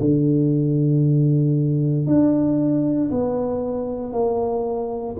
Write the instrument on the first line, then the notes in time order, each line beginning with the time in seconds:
tuba
0.00 D3
2.06 D4
3.10 B3
4.12 A#3